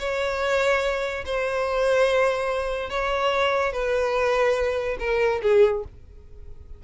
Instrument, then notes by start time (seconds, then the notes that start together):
violin
0.00 C#5
1.26 C5
2.90 C#5
3.73 B4
5.00 A#4
5.43 G#4